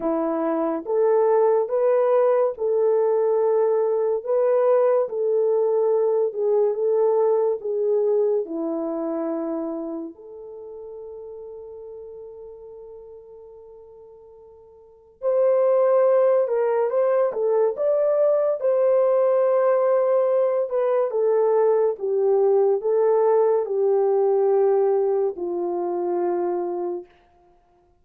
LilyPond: \new Staff \with { instrumentName = "horn" } { \time 4/4 \tempo 4 = 71 e'4 a'4 b'4 a'4~ | a'4 b'4 a'4. gis'8 | a'4 gis'4 e'2 | a'1~ |
a'2 c''4. ais'8 | c''8 a'8 d''4 c''2~ | c''8 b'8 a'4 g'4 a'4 | g'2 f'2 | }